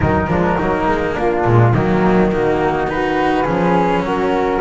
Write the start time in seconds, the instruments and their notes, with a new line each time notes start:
0.00 double bass D#3, cello F#3, flute D#4 A#4
0.27 double bass F3, cello G#3, flute D4
0.57 double bass F#3, cello A#3, flute D#4
0.87 double bass G#3
1.14 double bass A#3, flute D4 F4
1.44 double bass A#2, cello G#3
1.72 double bass D#3, cello F#3, flute A#3 D#4
2.31 cello A#3, flute D#4 F#4
2.87 cello D#4, flute F#4 B4
3.43 double bass F3, cello C#4, flute G#4
4.00 double bass F#3, flute F#4
4.06 flute A#4